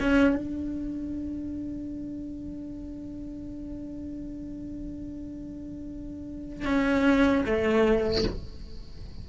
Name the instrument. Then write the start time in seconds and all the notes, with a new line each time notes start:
cello
0.00 C#4
0.36 D4
6.65 C#4
7.45 A3